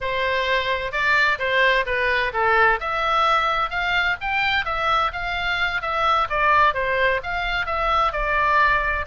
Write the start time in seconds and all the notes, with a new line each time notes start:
0.00 C5
0.92 D5
1.38 C5
1.86 B4
2.33 A4
2.80 E5
3.70 F5
4.21 G5
4.65 E5
5.12 F5
5.81 E5
6.29 D5
6.74 C5
7.23 F5
7.65 E5
8.12 D5